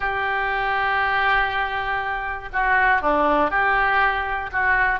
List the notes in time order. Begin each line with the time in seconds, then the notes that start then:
0.00 G4
2.52 F#4
3.01 D4
3.50 G4
4.51 F#4